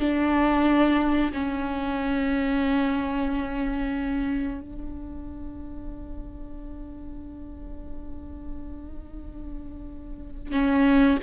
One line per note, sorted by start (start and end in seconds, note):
0.00 1.32 D4
1.33 4.61 C#4
4.61 10.52 D4
10.52 11.18 C#4